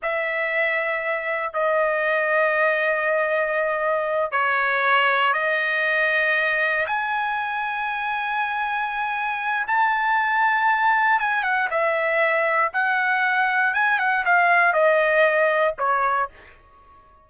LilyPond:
\new Staff \with { instrumentName = "trumpet" } { \time 4/4 \tempo 4 = 118 e''2. dis''4~ | dis''1~ | dis''8 cis''2 dis''4.~ | dis''4. gis''2~ gis''8~ |
gis''2. a''4~ | a''2 gis''8 fis''8 e''4~ | e''4 fis''2 gis''8 fis''8 | f''4 dis''2 cis''4 | }